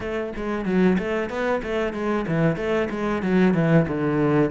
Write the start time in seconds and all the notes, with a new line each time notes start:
0.00 A3
0.35 G#3
0.65 F#3
0.98 A3
1.29 B3
1.62 A3
1.93 G#3
2.27 E3
2.56 A3
2.90 G#3
3.22 F#3
3.54 E3
3.87 D3